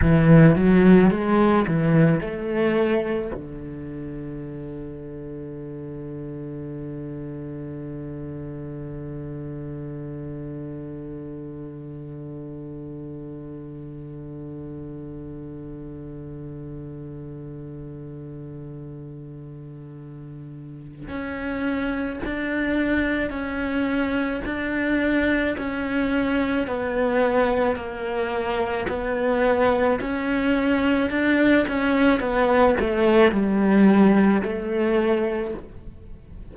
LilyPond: \new Staff \with { instrumentName = "cello" } { \time 4/4 \tempo 4 = 54 e8 fis8 gis8 e8 a4 d4~ | d1~ | d1~ | d1~ |
d2. cis'4 | d'4 cis'4 d'4 cis'4 | b4 ais4 b4 cis'4 | d'8 cis'8 b8 a8 g4 a4 | }